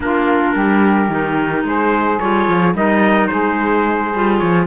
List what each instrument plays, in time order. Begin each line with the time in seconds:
0.00 cello A#3, clarinet D4, saxophone F4, trumpet A#4
0.54 cello G3, saxophone G4
1.08 cello D#3, clarinet D#4
1.63 cello G#3, saxophone G#4, trumpet C5
2.19 cello G3, clarinet F4, trumpet C#5
2.48 cello F3
2.74 cello G3, clarinet D#4, saxophone A#4, trumpet D#5
3.27 cello G#3, saxophone G#4, trumpet C5
4.13 cello G3, clarinet F4
4.38 cello F3, trumpet C#5